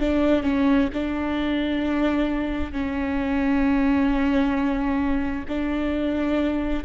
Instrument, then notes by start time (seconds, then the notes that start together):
viola
0.00 D4
0.43 C#4
0.93 D4
2.72 C#4
5.48 D4